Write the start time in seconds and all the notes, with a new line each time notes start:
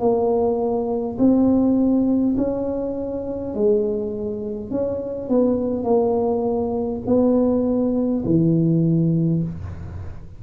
0.00 A#3
1.18 C4
2.37 C#4
3.55 G#3
4.71 C#4
5.29 B3
5.84 A#3
7.06 B3
8.25 E3